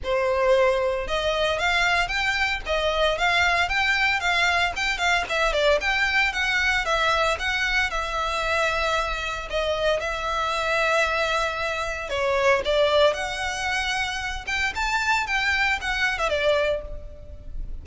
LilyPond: \new Staff \with { instrumentName = "violin" } { \time 4/4 \tempo 4 = 114 c''2 dis''4 f''4 | g''4 dis''4 f''4 g''4 | f''4 g''8 f''8 e''8 d''8 g''4 | fis''4 e''4 fis''4 e''4~ |
e''2 dis''4 e''4~ | e''2. cis''4 | d''4 fis''2~ fis''8 g''8 | a''4 g''4 fis''8. e''16 d''4 | }